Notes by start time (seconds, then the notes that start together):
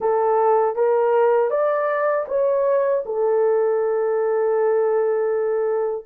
0.00 A4
0.75 A#4
1.50 D5
2.28 C#5
3.05 A4